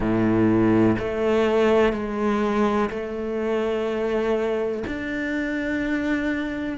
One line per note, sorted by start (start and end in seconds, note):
0.00 0.95 A2
0.99 1.93 A3
1.93 2.89 G#3
2.89 4.83 A3
4.87 6.77 D4